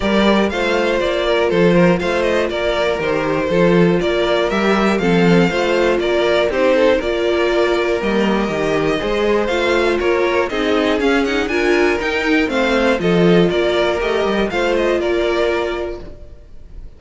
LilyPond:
<<
  \new Staff \with { instrumentName = "violin" } { \time 4/4 \tempo 4 = 120 d''4 f''4 d''4 c''4 | f''8 dis''8 d''4 c''2 | d''4 e''4 f''2 | d''4 c''4 d''2 |
dis''2. f''4 | cis''4 dis''4 f''8 fis''8 gis''4 | g''4 f''4 dis''4 d''4 | dis''4 f''8 dis''8 d''2 | }
  \new Staff \with { instrumentName = "violin" } { \time 4/4 ais'4 c''4. ais'8 a'8 ais'8 | c''4 ais'2 a'4 | ais'2 a'4 c''4 | ais'4 g'8 a'8 ais'2~ |
ais'2 c''2 | ais'4 gis'2 ais'4~ | ais'4 c''4 a'4 ais'4~ | ais'4 c''4 ais'2 | }
  \new Staff \with { instrumentName = "viola" } { \time 4/4 g'4 f'2.~ | f'2 g'4 f'4~ | f'4 g'4 c'4 f'4~ | f'4 dis'4 f'2 |
ais4 g'4 gis'4 f'4~ | f'4 dis'4 cis'8 dis'8 f'4 | dis'4 c'4 f'2 | g'4 f'2. | }
  \new Staff \with { instrumentName = "cello" } { \time 4/4 g4 a4 ais4 f4 | a4 ais4 dis4 f4 | ais4 g4 f4 a4 | ais4 c'4 ais2 |
g4 dis4 gis4 a4 | ais4 c'4 cis'4 d'4 | dis'4 a4 f4 ais4 | a8 g8 a4 ais2 | }
>>